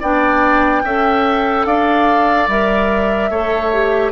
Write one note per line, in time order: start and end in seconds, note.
0.00 0.83 B3
0.00 0.84 D4
0.00 0.82 D5
0.00 1.66 G5
0.83 1.65 C#4
0.83 2.50 A4
0.83 1.66 E5
1.65 2.47 D4
1.65 3.30 D5
1.65 2.48 F5
2.48 3.30 G3
2.48 3.31 A#4
2.48 4.12 E5
3.30 4.12 A3
3.30 3.72 A4
3.30 4.12 C#5
3.73 4.12 G4